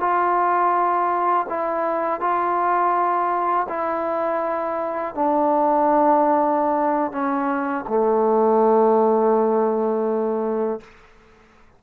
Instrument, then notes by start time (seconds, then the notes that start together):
trombone
0.00 F4
1.49 E4
2.20 F4
3.69 E4
5.15 D4
7.11 C#4
7.88 A3